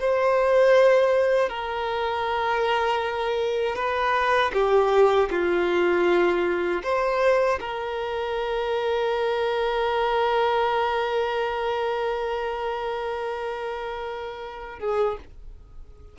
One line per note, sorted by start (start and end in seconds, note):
0.00 1.49 C5
1.49 3.76 A#4
3.76 4.52 B4
4.53 5.29 G4
5.31 6.83 F4
6.84 7.59 C5
7.61 14.79 A#4
14.79 15.17 G#4